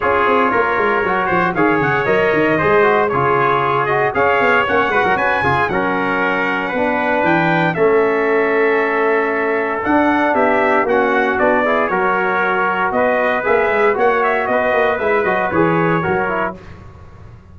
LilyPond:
<<
  \new Staff \with { instrumentName = "trumpet" } { \time 4/4 \tempo 4 = 116 cis''2. f''8 fis''8 | dis''2 cis''4. dis''8 | f''4 fis''4 gis''4 fis''4~ | fis''2 g''4 e''4~ |
e''2. fis''4 | e''4 fis''4 d''4 cis''4~ | cis''4 dis''4 e''4 fis''8 e''8 | dis''4 e''8 dis''8 cis''2 | }
  \new Staff \with { instrumentName = "trumpet" } { \time 4/4 gis'4 ais'4. c''8 cis''4~ | cis''4 c''4 gis'2 | cis''4. b'16 ais'16 b'8 gis'8 ais'4~ | ais'4 b'2 a'4~ |
a'1 | g'4 fis'4. gis'8 ais'4~ | ais'4 b'2 cis''4 | b'2. ais'4 | }
  \new Staff \with { instrumentName = "trombone" } { \time 4/4 f'2 fis'4 gis'4 | ais'4 gis'8 fis'8 f'4. fis'8 | gis'4 cis'8 fis'4 f'8 cis'4~ | cis'4 d'2 cis'4~ |
cis'2. d'4~ | d'4 cis'4 d'8 e'8 fis'4~ | fis'2 gis'4 fis'4~ | fis'4 e'8 fis'8 gis'4 fis'8 e'8 | }
  \new Staff \with { instrumentName = "tuba" } { \time 4/4 cis'8 c'8 ais8 gis8 fis8 f8 dis8 cis8 | fis8 dis8 gis4 cis2 | cis'8 b8 ais8 gis16 fis16 cis'8 cis8 fis4~ | fis4 b4 e4 a4~ |
a2. d'4 | b4 ais4 b4 fis4~ | fis4 b4 ais8 gis8 ais4 | b8 ais8 gis8 fis8 e4 fis4 | }
>>